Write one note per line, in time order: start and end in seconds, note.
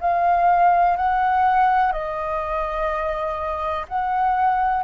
0.00 0.97 F5
0.97 1.92 F#5
1.92 3.86 D#5
3.88 4.83 F#5